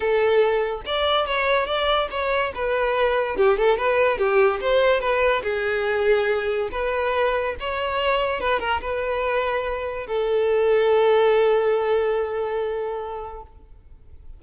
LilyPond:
\new Staff \with { instrumentName = "violin" } { \time 4/4 \tempo 4 = 143 a'2 d''4 cis''4 | d''4 cis''4 b'2 | g'8 a'8 b'4 g'4 c''4 | b'4 gis'2. |
b'2 cis''2 | b'8 ais'8 b'2. | a'1~ | a'1 | }